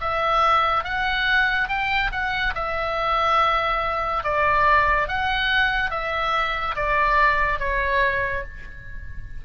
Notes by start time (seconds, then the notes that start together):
0.00 E5
0.84 F#5
1.68 G5
2.12 F#5
2.55 E5
4.23 D5
5.08 F#5
5.90 E5
6.75 D5
7.59 C#5